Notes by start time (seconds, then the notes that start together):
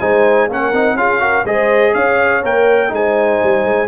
0.00 G#3 D#4 C5 G#5
0.49 A#3 C#4 A#4 F#5
0.73 C4 D#4
0.94 C#4 F4 G#4 F5
1.21 F#4 A#4
1.45 G#3 G#4 C5 D#5
1.93 C#4 C#5 F5
2.43 A#3 A#4 G5
2.89 G#3 D#4 G#5
2.95 C5
3.44 G3
3.65 G#3